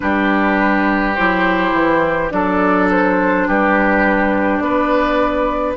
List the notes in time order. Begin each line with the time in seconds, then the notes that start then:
0.00 G3 D4 G4 B4
1.15 F#3 E4 C5
1.72 E3
2.29 F#3 D4 A4 D5
2.90 C5
3.47 G3 G4 B4
4.57 B3 D5
4.64 B4